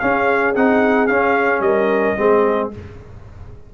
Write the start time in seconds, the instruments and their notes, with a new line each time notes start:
0.00 trombone C#4, tuba C#4, horn G#4, trumpet F5
0.55 tuba C4, trombone D#4, trumpet F#5
1.07 tuba C#4, trombone C#4, trumpet F5
1.60 tuba G3, horn A#4, trumpet D#5
2.17 tuba G#3, trombone C4, horn G#4